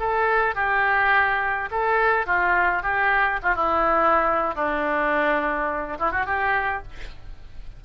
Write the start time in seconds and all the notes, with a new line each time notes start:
0.00 A4
0.56 G4
1.71 A4
2.27 F4
2.83 G4
3.43 F4
3.56 E4
4.55 D4
5.99 E4
6.12 F#4
6.26 G4